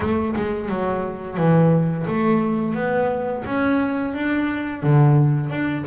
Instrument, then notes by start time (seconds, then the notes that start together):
double bass
0.00 A3
0.36 G#3
0.69 F#3
1.37 E3
2.07 A3
2.74 B3
3.45 C#4
4.14 D4
4.82 D3
5.50 D4